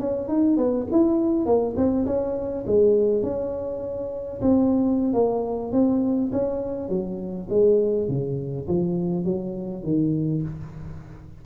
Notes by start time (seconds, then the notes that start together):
0.00 C#4
0.28 D#4
0.57 B3
0.91 E4
1.46 A#3
1.76 C4
2.06 C#4
2.67 G#3
3.23 C#4
4.41 C4
5.14 A#3
5.72 C4
6.32 C#4
6.89 F#3
7.49 G#3
8.08 C#3
8.68 F3
9.25 F#3
9.83 D#3